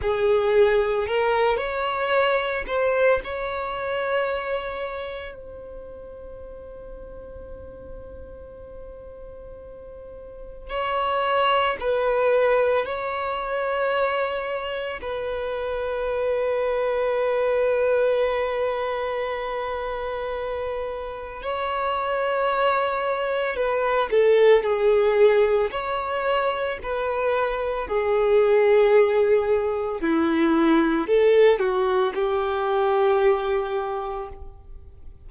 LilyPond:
\new Staff \with { instrumentName = "violin" } { \time 4/4 \tempo 4 = 56 gis'4 ais'8 cis''4 c''8 cis''4~ | cis''4 c''2.~ | c''2 cis''4 b'4 | cis''2 b'2~ |
b'1 | cis''2 b'8 a'8 gis'4 | cis''4 b'4 gis'2 | e'4 a'8 fis'8 g'2 | }